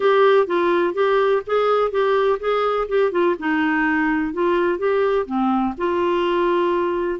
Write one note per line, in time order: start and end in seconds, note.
0.00 0.46 G4
0.46 0.94 F4
0.94 1.42 G4
1.46 1.91 G#4
1.91 2.39 G4
2.39 2.87 G#4
2.88 3.11 G4
3.11 3.35 F4
3.39 4.33 D#4
4.33 4.78 F4
4.78 5.26 G4
5.26 5.74 C4
5.77 7.19 F4